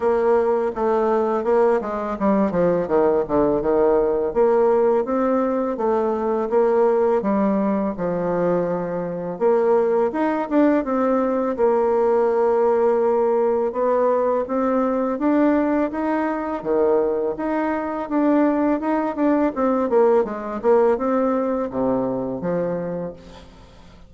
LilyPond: \new Staff \with { instrumentName = "bassoon" } { \time 4/4 \tempo 4 = 83 ais4 a4 ais8 gis8 g8 f8 | dis8 d8 dis4 ais4 c'4 | a4 ais4 g4 f4~ | f4 ais4 dis'8 d'8 c'4 |
ais2. b4 | c'4 d'4 dis'4 dis4 | dis'4 d'4 dis'8 d'8 c'8 ais8 | gis8 ais8 c'4 c4 f4 | }